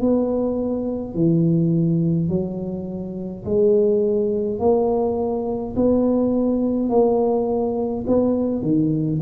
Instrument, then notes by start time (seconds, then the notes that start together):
tuba
0.00 B3
1.14 E3
2.29 F#3
3.45 G#3
4.59 A#3
5.76 B3
6.89 A#3
8.06 B3
8.62 D#3